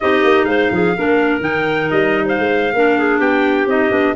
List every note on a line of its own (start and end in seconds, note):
0.00 0.23 C4
0.00 0.96 D#4
0.00 0.47 G4
0.00 0.45 D#5
0.23 0.44 A#3
0.44 0.67 G#3
0.44 0.71 C5
0.44 1.40 F5
0.71 0.95 F3
0.71 0.96 G#4
0.96 1.40 A#3
0.96 1.41 D4
0.96 2.25 A#4
1.40 1.88 D#3
1.40 2.72 D#4
1.40 1.90 G5
1.90 2.38 G3
1.90 2.26 D#5
2.25 2.73 C5
2.25 3.20 F5
2.38 2.73 G#3
2.73 3.19 A#3
2.73 3.68 D4
2.73 2.98 A#4
2.98 3.19 G#4
3.19 3.66 B3
3.19 4.14 G4
3.19 3.68 G5
3.66 3.90 C4
3.66 3.90 D#4
3.66 4.16 D#5
3.90 4.14 B3
3.90 4.14 D4